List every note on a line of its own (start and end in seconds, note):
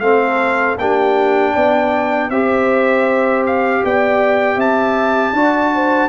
0.00 0.76 A3
0.00 0.78 C4
0.00 0.81 A4
0.00 0.77 F5
0.78 1.54 A#3
0.78 2.32 D4
0.78 1.53 G4
0.78 2.31 G5
1.53 2.30 B3
1.53 2.29 D5
2.30 3.82 C4
2.30 5.36 G4
2.30 3.83 C5
2.30 3.44 E5
3.47 3.85 F5
3.84 4.56 B3
3.84 4.57 D5
3.84 4.61 G5
4.56 5.32 C4
4.56 5.33 E5
4.56 6.10 A5
5.33 6.09 D4
5.33 6.10 F#4
5.33 5.72 D5
5.75 6.10 C5